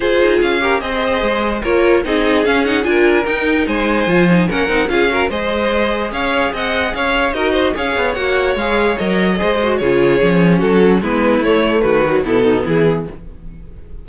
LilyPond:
<<
  \new Staff \with { instrumentName = "violin" } { \time 4/4 \tempo 4 = 147 c''4 f''4 dis''2 | cis''4 dis''4 f''8 fis''8 gis''4 | g''4 gis''2 fis''4 | f''4 dis''2 f''4 |
fis''4 f''4 dis''4 f''4 | fis''4 f''4 dis''2 | cis''2 a'4 b'4 | cis''4 b'4 a'4 gis'4 | }
  \new Staff \with { instrumentName = "violin" } { \time 4/4 gis'4. ais'8 c''2 | ais'4 gis'2 ais'4~ | ais'4 c''2 ais'4 | gis'8 ais'8 c''2 cis''4 |
dis''4 cis''4 ais'8 c''8 cis''4~ | cis''2. c''4 | gis'2 fis'4 e'4~ | e'4 fis'4 e'8 dis'8 e'4 | }
  \new Staff \with { instrumentName = "viola" } { \time 4/4 f'4. g'8 gis'2 | f'4 dis'4 cis'8 dis'8 f'4 | dis'2 f'8 dis'8 cis'8 dis'8 | f'8 fis'8 gis'2.~ |
gis'2 fis'4 gis'4 | fis'4 gis'4 ais'4 gis'8 fis'8 | f'4 cis'2 b4 | a4. fis8 b2 | }
  \new Staff \with { instrumentName = "cello" } { \time 4/4 f'8 dis'8 cis'4 c'4 gis4 | ais4 c'4 cis'4 d'4 | dis'4 gis4 f4 ais8 c'8 | cis'4 gis2 cis'4 |
c'4 cis'4 dis'4 cis'8 b8 | ais4 gis4 fis4 gis4 | cis4 f4 fis4 gis4 | a4 dis4 b,4 e4 | }
>>